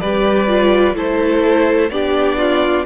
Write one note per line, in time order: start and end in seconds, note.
0.00 0.94 G3
0.00 0.48 G4
0.00 0.96 B4
0.00 0.95 D5
0.48 0.95 F4
0.94 1.90 A3
0.94 1.90 E4
0.94 1.91 A4
0.94 1.90 C5
1.90 2.85 B3
1.90 2.86 D4
1.90 2.38 G4
1.90 2.85 D5
2.38 2.86 F4